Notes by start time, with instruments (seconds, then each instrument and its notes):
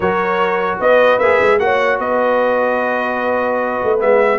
0.00 tuba F#3, trombone F#4, horn A#4, trumpet C#5
0.79 tuba B3, horn B4, trumpet D#5
1.18 tuba A#3, trombone G#4, trumpet E5
1.41 tuba G#3
1.59 tuba A#3, trombone F#4, horn C#5, trumpet F#5
1.99 tuba B3, horn B4, trumpet D#5
3.83 tuba A3
3.99 tuba G#3, trombone B3, trumpet E5